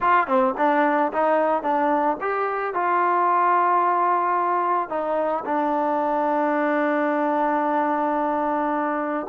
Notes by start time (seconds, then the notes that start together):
0.00 F4
0.27 C4
0.57 D4
1.12 D#4
1.62 D4
2.20 G4
2.73 F4
4.89 D#4
5.45 D4